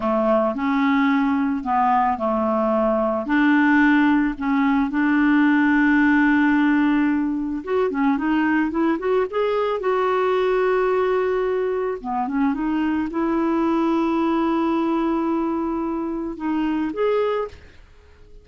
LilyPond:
\new Staff \with { instrumentName = "clarinet" } { \time 4/4 \tempo 4 = 110 a4 cis'2 b4 | a2 d'2 | cis'4 d'2.~ | d'2 fis'8 cis'8 dis'4 |
e'8 fis'8 gis'4 fis'2~ | fis'2 b8 cis'8 dis'4 | e'1~ | e'2 dis'4 gis'4 | }